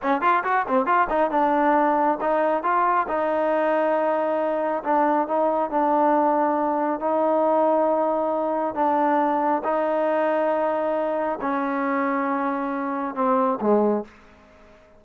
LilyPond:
\new Staff \with { instrumentName = "trombone" } { \time 4/4 \tempo 4 = 137 cis'8 f'8 fis'8 c'8 f'8 dis'8 d'4~ | d'4 dis'4 f'4 dis'4~ | dis'2. d'4 | dis'4 d'2. |
dis'1 | d'2 dis'2~ | dis'2 cis'2~ | cis'2 c'4 gis4 | }